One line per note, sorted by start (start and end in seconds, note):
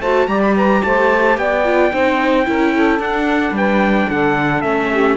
0.00 0.27 A3
0.00 0.28 F#4
0.00 0.28 C5
0.00 0.28 A5
0.28 0.82 G3
0.28 1.64 G4
0.28 0.55 D5
0.28 0.41 A#5
0.42 0.55 B5
0.56 0.83 B4
0.56 0.84 A#5
0.84 1.37 A3
0.84 1.39 C5
0.84 1.38 A5
1.37 1.92 B3
1.37 1.94 D5
1.37 3.01 G5
1.65 1.92 F4
1.93 2.48 C4
1.93 2.46 D#4
1.93 2.47 C5
2.46 3.00 C#4
2.46 3.00 E4
2.46 2.74 A#4
2.74 3.55 A4
3.00 3.52 D4
3.00 4.64 D4
3.00 3.56 F#5
3.52 4.06 G3
3.52 4.10 B4
3.52 4.10 G5
4.10 4.64 D3
4.10 4.91 A4
4.10 4.62 F#5
4.62 5.17 A3
4.62 5.17 C#4
4.62 5.16 E5
4.91 5.17 G4